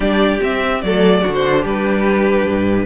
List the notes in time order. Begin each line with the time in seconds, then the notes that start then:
0.00 G3 D4 G4 D5
0.41 C4 E5
0.81 F#3 A3 A4 D5
1.21 D3 D4 F#4
1.33 C5
1.62 G3 G4 B4
2.47 G2